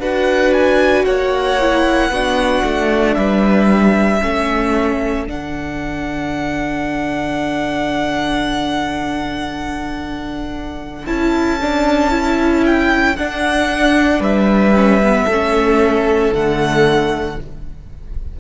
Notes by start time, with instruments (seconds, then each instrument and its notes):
0.00 cello D4, viola F#4, violin B4 F#5
0.54 violin G#5
1.05 cello A#3, violin C#5 F#5
1.60 viola E4
2.10 cello B3, viola D4, violin F#4
2.64 cello A3
3.14 cello G3, violin B4 E5
4.21 cello A3, viola C#4, violin A4
5.27 cello D3, viola D4, violin F#5
11.07 cello C#4, viola E4, violin A5
11.62 viola D4
12.11 viola E4
12.66 violin G5
13.17 cello D4, viola D4, violin F#5
14.20 cello G3, violin B4 E5
14.75 viola C#4
15.04 viola B3
15.24 cello A3, violin A4
15.32 viola C#4
16.32 cello D3, viola A3, violin F#5